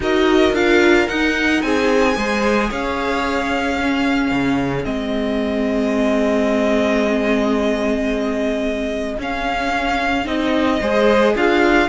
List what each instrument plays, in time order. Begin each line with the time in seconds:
0.00 cello D#4, viola F#4, violin A#4 D#5
0.52 cello D4, viola F4, violin F5
1.07 viola D#4, cello D#4, violin F#5
1.61 cello C4, violin G#4 G#5
2.15 cello G#3, viola G#4, violin C5
2.69 cello C#4, violin C#5 F5
3.76 viola C#4, violin G#4
4.31 cello C#3
4.83 cello G#3, viola C4, violin D#5
9.17 cello C#4, viola C#4, violin F5
10.24 cello C4, viola D#4, violin D#5
10.80 cello G#3, viola G#4, violin C5
11.35 cello D4, violin F4 F5